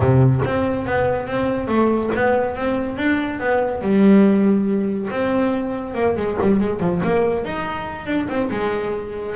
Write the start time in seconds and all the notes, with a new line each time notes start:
0.00 C3
0.44 C4
0.85 B3
1.27 C4
1.67 A3
2.15 B3
2.55 C4
2.97 D4
3.39 B3
3.81 G3
5.10 C4
5.94 A#3
6.16 G#3
6.41 G3
6.60 G#3
6.80 F3
7.03 A#3
7.45 D#4
8.06 D4
8.28 C4
8.50 G#3